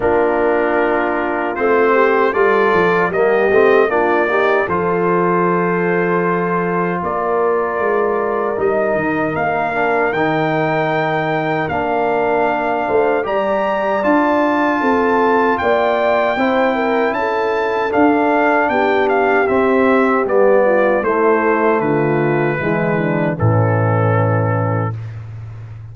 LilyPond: <<
  \new Staff \with { instrumentName = "trumpet" } { \time 4/4 \tempo 4 = 77 ais'2 c''4 d''4 | dis''4 d''4 c''2~ | c''4 d''2 dis''4 | f''4 g''2 f''4~ |
f''4 ais''4 a''2 | g''2 a''4 f''4 | g''8 f''8 e''4 d''4 c''4 | b'2 a'2 | }
  \new Staff \with { instrumentName = "horn" } { \time 4/4 f'2~ f'8 g'8 a'4 | g'4 f'8 g'8 a'2~ | a'4 ais'2.~ | ais'1~ |
ais'8 c''8 d''2 a'4 | d''4 c''8 ais'8 a'2 | g'2~ g'8 f'8 e'4 | f'4 e'8 d'8 cis'2 | }
  \new Staff \with { instrumentName = "trombone" } { \time 4/4 d'2 c'4 f'4 | ais8 c'8 d'8 dis'8 f'2~ | f'2. dis'4~ | dis'8 d'8 dis'2 d'4~ |
d'4 g'4 f'2~ | f'4 e'2 d'4~ | d'4 c'4 b4 a4~ | a4 gis4 e2 | }
  \new Staff \with { instrumentName = "tuba" } { \time 4/4 ais2 a4 g8 f8 | g8 a8 ais4 f2~ | f4 ais4 gis4 g8 dis8 | ais4 dis2 ais4~ |
ais8 a8 g4 d'4 c'4 | ais4 c'4 cis'4 d'4 | b4 c'4 g4 a4 | d4 e4 a,2 | }
>>